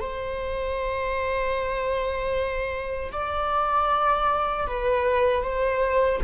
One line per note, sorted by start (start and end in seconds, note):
0.00 3.12 C5
3.12 4.66 D5
4.66 5.43 B4
5.43 6.21 C5